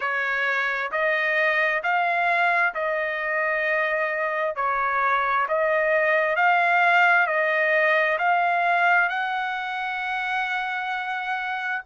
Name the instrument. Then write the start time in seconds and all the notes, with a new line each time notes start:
trumpet
0.00 C#5
0.91 D#5
1.83 F5
2.74 D#5
4.55 C#5
5.48 D#5
6.36 F5
7.26 D#5
8.18 F5
9.09 F#5